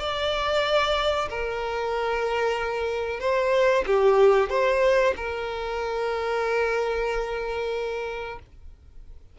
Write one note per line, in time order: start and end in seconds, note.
0.00 1.29 D5
1.30 3.20 A#4
3.20 3.85 C5
3.87 4.50 G4
4.50 5.14 C5
5.17 8.39 A#4